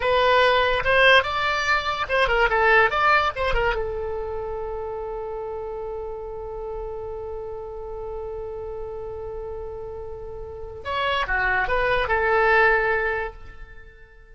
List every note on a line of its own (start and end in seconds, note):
0.00 0.83 B4
0.84 1.23 C5
1.23 2.06 D5
2.09 2.27 C5
2.27 2.48 A#4
2.49 2.90 A4
2.90 3.32 D5
3.35 3.53 C5
3.53 3.74 A#4
3.75 10.83 A4
10.84 11.26 C#5
11.27 11.67 F#4
11.67 12.08 B4
12.08 13.33 A4